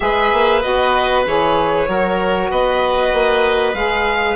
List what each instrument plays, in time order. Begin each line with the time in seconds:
0.00 bassoon G#3, saxophone G#4, oboe B4, violin E5
0.32 bassoon A#3
0.62 bassoon B3, saxophone F#4, violin D#5
1.26 bassoon E3, saxophone G#4, violin C#5
1.86 bassoon F#3, saxophone F#4, oboe A#4
2.50 bassoon B3, oboe B4, violin D#5
3.12 bassoon A#3
3.73 bassoon G#3, saxophone G#4, violin F5